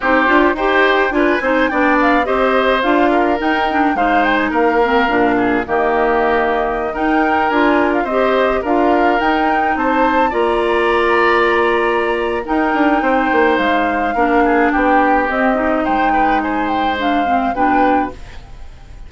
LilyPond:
<<
  \new Staff \with { instrumentName = "flute" } { \time 4/4 \tempo 4 = 106 c''4 g''4 gis''4 g''8 f''8 | dis''4 f''4 g''4 f''8 g''16 gis''16 | f''2 dis''2~ | dis''16 g''4 gis''8. f''16 dis''4 f''8.~ |
f''16 g''4 a''4 ais''4.~ ais''16~ | ais''2 g''2 | f''2 g''4 dis''4 | g''4 gis''8 g''8 f''4 g''4 | }
  \new Staff \with { instrumentName = "oboe" } { \time 4/4 g'4 c''4 b'8 c''8 d''4 | c''4. ais'4. c''4 | ais'4. gis'8 g'2~ | g'16 ais'2 c''4 ais'8.~ |
ais'4~ ais'16 c''4 d''4.~ d''16~ | d''2 ais'4 c''4~ | c''4 ais'8 gis'8 g'2 | c''8 b'8 c''2 b'4 | }
  \new Staff \with { instrumentName = "clarinet" } { \time 4/4 dis'8 f'8 g'4 f'8 dis'8 d'4 | g'4 f'4 dis'8 d'8 dis'4~ | dis'8 c'8 d'4 ais2~ | ais16 dis'4 f'4 g'4 f'8.~ |
f'16 dis'2 f'4.~ f'16~ | f'2 dis'2~ | dis'4 d'2 c'8 dis'8~ | dis'2 d'8 c'8 d'4 | }
  \new Staff \with { instrumentName = "bassoon" } { \time 4/4 c'8 d'8 dis'4 d'8 c'8 b4 | c'4 d'4 dis'4 gis4 | ais4 ais,4 dis2~ | dis16 dis'4 d'4 c'4 d'8.~ |
d'16 dis'4 c'4 ais4.~ ais16~ | ais2 dis'8 d'8 c'8 ais8 | gis4 ais4 b4 c'4 | gis2. b,4 | }
>>